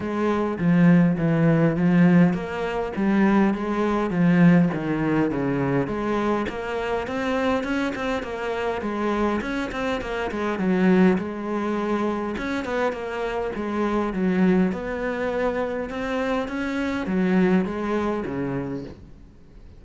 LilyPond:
\new Staff \with { instrumentName = "cello" } { \time 4/4 \tempo 4 = 102 gis4 f4 e4 f4 | ais4 g4 gis4 f4 | dis4 cis4 gis4 ais4 | c'4 cis'8 c'8 ais4 gis4 |
cis'8 c'8 ais8 gis8 fis4 gis4~ | gis4 cis'8 b8 ais4 gis4 | fis4 b2 c'4 | cis'4 fis4 gis4 cis4 | }